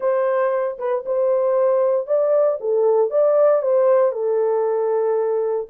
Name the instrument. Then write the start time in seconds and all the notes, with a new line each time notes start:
horn
0.00 C5
0.78 B4
1.05 C5
2.06 D5
2.60 A4
3.10 D5
3.61 C5
4.12 A4